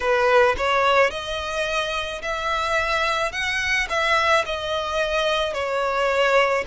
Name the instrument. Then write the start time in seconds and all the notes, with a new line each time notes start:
violin
0.00 B4
0.57 C#5
1.10 D#5
2.22 E5
3.31 F#5
3.89 E5
4.45 D#5
5.53 C#5